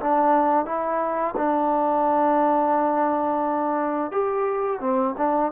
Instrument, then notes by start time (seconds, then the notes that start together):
trombone
0.00 D4
0.65 E4
1.36 D4
4.11 G4
4.80 C4
5.17 D4